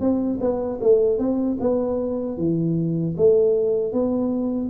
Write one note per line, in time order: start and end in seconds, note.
0.00 0.39 C4
0.40 0.79 B3
0.81 1.19 A3
1.19 1.58 C4
1.60 2.38 B3
2.38 3.16 E3
3.17 3.93 A3
3.93 4.70 B3